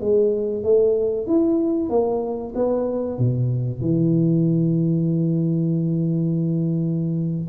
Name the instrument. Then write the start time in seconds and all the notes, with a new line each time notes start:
tuba
0.00 G#3
0.63 A3
1.26 E4
1.89 A#3
2.55 B3
3.18 B2
3.81 E3